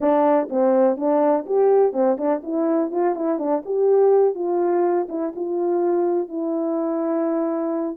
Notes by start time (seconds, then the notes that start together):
0.00 D4
0.49 C4
0.97 D4
1.46 G4
1.92 C4
2.17 D4
2.43 E4
2.91 F4
3.15 E4
3.38 D4
3.65 G4
4.35 F4
5.09 E4
5.35 F4
6.28 E4